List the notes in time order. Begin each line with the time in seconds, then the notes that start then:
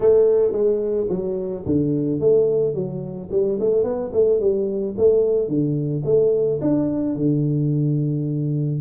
0.00 A3
0.52 G#3
1.09 F#3
1.66 D3
2.20 A3
2.74 F#3
3.31 G3
3.60 A3
3.83 B3
4.12 A3
4.40 G3
4.97 A3
5.47 D3
6.05 A3
6.61 D4
7.15 D3